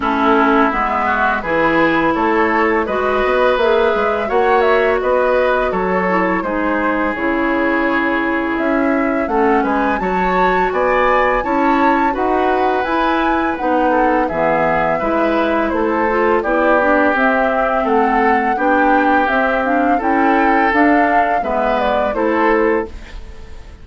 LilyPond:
<<
  \new Staff \with { instrumentName = "flute" } { \time 4/4 \tempo 4 = 84 a'4 e''4 b'4 cis''4 | dis''4 e''4 fis''8 e''8 dis''4 | cis''4 c''4 cis''2 | e''4 fis''8 gis''8 a''4 gis''4 |
a''4 fis''4 gis''4 fis''4 | e''2 c''4 d''4 | e''4 fis''4 g''4 e''8 f''8 | g''4 f''4 e''8 d''8 c''4 | }
  \new Staff \with { instrumentName = "oboe" } { \time 4/4 e'4. fis'8 gis'4 a'4 | b'2 cis''4 b'4 | a'4 gis'2.~ | gis'4 a'8 b'8 cis''4 d''4 |
cis''4 b'2~ b'8 a'8 | gis'4 b'4 a'4 g'4~ | g'4 a'4 g'2 | a'2 b'4 a'4 | }
  \new Staff \with { instrumentName = "clarinet" } { \time 4/4 cis'4 b4 e'2 | fis'4 gis'4 fis'2~ | fis'8 e'8 dis'4 e'2~ | e'4 cis'4 fis'2 |
e'4 fis'4 e'4 dis'4 | b4 e'4. f'8 e'8 d'8 | c'2 d'4 c'8 d'8 | e'4 d'4 b4 e'4 | }
  \new Staff \with { instrumentName = "bassoon" } { \time 4/4 a4 gis4 e4 a4 | gis8 b8 ais8 gis8 ais4 b4 | fis4 gis4 cis2 | cis'4 a8 gis8 fis4 b4 |
cis'4 dis'4 e'4 b4 | e4 gis4 a4 b4 | c'4 a4 b4 c'4 | cis'4 d'4 gis4 a4 | }
>>